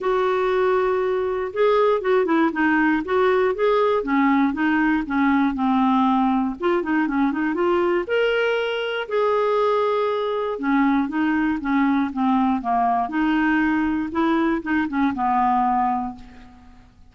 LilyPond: \new Staff \with { instrumentName = "clarinet" } { \time 4/4 \tempo 4 = 119 fis'2. gis'4 | fis'8 e'8 dis'4 fis'4 gis'4 | cis'4 dis'4 cis'4 c'4~ | c'4 f'8 dis'8 cis'8 dis'8 f'4 |
ais'2 gis'2~ | gis'4 cis'4 dis'4 cis'4 | c'4 ais4 dis'2 | e'4 dis'8 cis'8 b2 | }